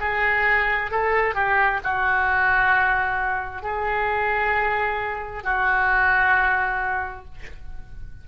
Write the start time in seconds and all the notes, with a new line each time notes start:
0.00 G#4
0.91 A4
1.35 G4
1.83 F#4
3.62 G#4
5.43 F#4